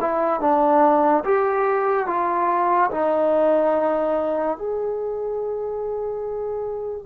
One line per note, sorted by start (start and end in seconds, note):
0.00 0.40 E4
0.40 1.23 D4
1.24 2.06 G4
2.06 2.90 F4
2.91 4.57 D#4
4.57 7.05 G#4